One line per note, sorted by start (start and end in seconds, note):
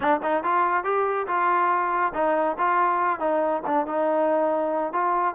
0.00 0.20 D4
0.23 0.43 D#4
0.43 0.84 F4
0.84 1.26 G4
1.27 2.12 F4
2.14 2.57 D#4
2.58 3.19 F4
3.19 3.62 D#4
3.66 3.86 D4
3.86 4.92 D#4
4.92 5.34 F4